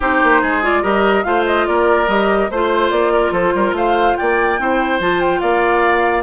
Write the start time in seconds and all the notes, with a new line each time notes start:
0.00 C4 D#4 G4 C5
0.22 A#3
0.41 G#3 G#4
0.62 F4 D5
0.82 G3 G4 A#4 D#5
1.23 A3 F4 C5 F5
1.46 D#5
1.67 A#3 A#4 D5
2.07 G3 G4 D#5
2.50 A3 F4 C5
2.90 A#3 D5
3.12 A#4
3.31 F3 A4 C5
3.54 G3 A#4
3.72 A3 C5 F5
4.16 A#3 D5 G5
4.59 C4 E4 C5
4.99 F3 F4 A5
5.20 G5
5.40 A#3 D5 F5